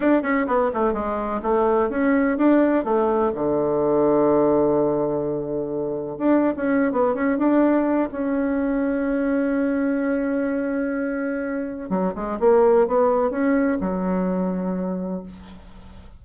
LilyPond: \new Staff \with { instrumentName = "bassoon" } { \time 4/4 \tempo 4 = 126 d'8 cis'8 b8 a8 gis4 a4 | cis'4 d'4 a4 d4~ | d1~ | d4 d'8. cis'8. b8 cis'8 d'8~ |
d'4 cis'2.~ | cis'1~ | cis'4 fis8 gis8 ais4 b4 | cis'4 fis2. | }